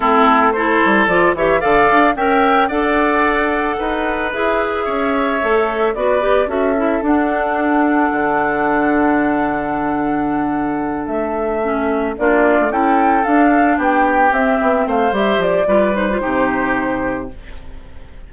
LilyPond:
<<
  \new Staff \with { instrumentName = "flute" } { \time 4/4 \tempo 4 = 111 a'4 c''4 d''8 e''8 f''4 | g''4 fis''2. | e''2. d''4 | e''4 fis''2.~ |
fis''1~ | fis''8 e''2 d''4 g''8~ | g''8 f''4 g''4 e''4 f''8 | e''8 d''4 c''2~ c''8 | }
  \new Staff \with { instrumentName = "oboe" } { \time 4/4 e'4 a'4. cis''8 d''4 | e''4 d''2 b'4~ | b'4 cis''2 b'4 | a'1~ |
a'1~ | a'2~ a'8 f'4 a'8~ | a'4. g'2 c''8~ | c''4 b'4 g'2 | }
  \new Staff \with { instrumentName = "clarinet" } { \time 4/4 c'4 e'4 f'8 g'8 a'4 | ais'4 a'2. | gis'2 a'4 fis'8 g'8 | fis'8 e'8 d'2.~ |
d'1~ | d'4. cis'4 d'4 e'8~ | e'8 d'2 c'4. | g'4 f'8 dis'16 f'16 dis'2 | }
  \new Staff \with { instrumentName = "bassoon" } { \time 4/4 a4. g8 f8 e8 d8 d'8 | cis'4 d'2 dis'4 | e'4 cis'4 a4 b4 | cis'4 d'2 d4~ |
d1~ | d8 a2 ais8. a16 cis'8~ | cis'8 d'4 b4 c'8 b8 a8 | g8 f8 g4 c2 | }
>>